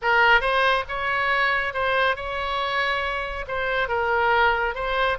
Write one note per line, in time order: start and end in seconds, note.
0.02 0.40 A#4
0.40 0.84 C5
0.88 1.73 C#5
1.73 2.16 C5
2.16 3.45 C#5
3.47 3.88 C5
3.88 4.74 A#4
4.74 5.18 C5